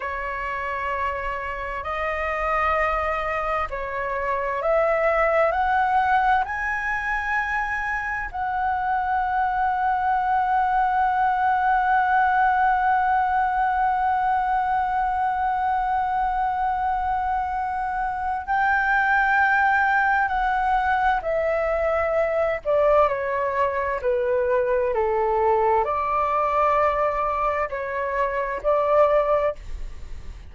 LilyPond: \new Staff \with { instrumentName = "flute" } { \time 4/4 \tempo 4 = 65 cis''2 dis''2 | cis''4 e''4 fis''4 gis''4~ | gis''4 fis''2.~ | fis''1~ |
fis''1 | g''2 fis''4 e''4~ | e''8 d''8 cis''4 b'4 a'4 | d''2 cis''4 d''4 | }